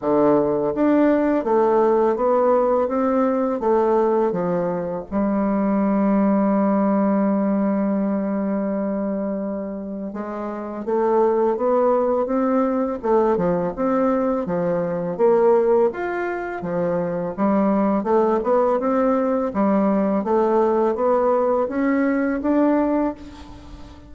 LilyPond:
\new Staff \with { instrumentName = "bassoon" } { \time 4/4 \tempo 4 = 83 d4 d'4 a4 b4 | c'4 a4 f4 g4~ | g1~ | g2 gis4 a4 |
b4 c'4 a8 f8 c'4 | f4 ais4 f'4 f4 | g4 a8 b8 c'4 g4 | a4 b4 cis'4 d'4 | }